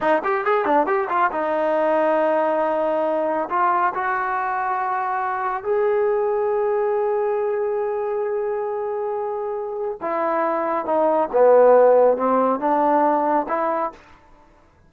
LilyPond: \new Staff \with { instrumentName = "trombone" } { \time 4/4 \tempo 4 = 138 dis'8 g'8 gis'8 d'8 g'8 f'8 dis'4~ | dis'1 | f'4 fis'2.~ | fis'4 gis'2.~ |
gis'1~ | gis'2. e'4~ | e'4 dis'4 b2 | c'4 d'2 e'4 | }